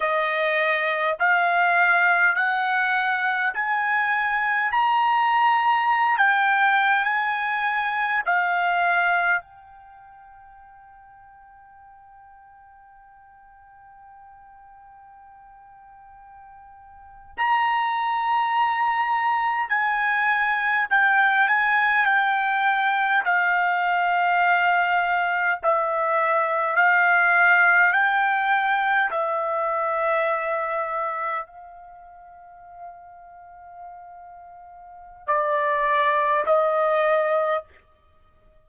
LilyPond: \new Staff \with { instrumentName = "trumpet" } { \time 4/4 \tempo 4 = 51 dis''4 f''4 fis''4 gis''4 | ais''4~ ais''16 g''8. gis''4 f''4 | g''1~ | g''2~ g''8. ais''4~ ais''16~ |
ais''8. gis''4 g''8 gis''8 g''4 f''16~ | f''4.~ f''16 e''4 f''4 g''16~ | g''8. e''2 f''4~ f''16~ | f''2 d''4 dis''4 | }